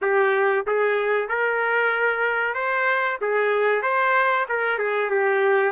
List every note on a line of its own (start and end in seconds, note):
0.01 0.65 G4
0.66 1.28 G#4
1.28 2.54 A#4
2.54 3.18 C5
3.21 3.82 G#4
3.82 4.46 C5
4.48 4.78 A#4
4.78 5.10 G#4
5.10 5.72 G4